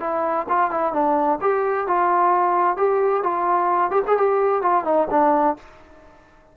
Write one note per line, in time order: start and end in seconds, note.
0.00 0.46 E4
0.49 0.71 F4
0.71 0.93 E4
0.93 1.39 D4
1.41 1.87 G4
1.87 2.77 F4
2.77 3.23 G4
3.23 3.91 F4
3.91 4.02 G4
4.07 4.17 G#4
4.17 4.62 G4
4.62 4.84 F4
4.84 5.07 D#4
5.10 5.56 D4